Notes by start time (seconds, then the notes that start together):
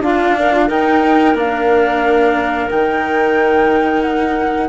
0.00 D4 F4 F5
0.39 A#4
0.52 F4
0.67 D#4 A#4 G5
1.34 A#3 D4 F5
2.70 D#3 D#4 G5
4.02 F#5